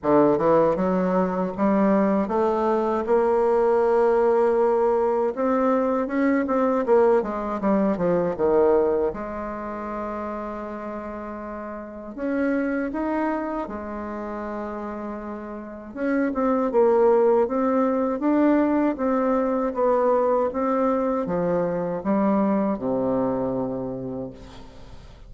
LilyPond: \new Staff \with { instrumentName = "bassoon" } { \time 4/4 \tempo 4 = 79 d8 e8 fis4 g4 a4 | ais2. c'4 | cis'8 c'8 ais8 gis8 g8 f8 dis4 | gis1 |
cis'4 dis'4 gis2~ | gis4 cis'8 c'8 ais4 c'4 | d'4 c'4 b4 c'4 | f4 g4 c2 | }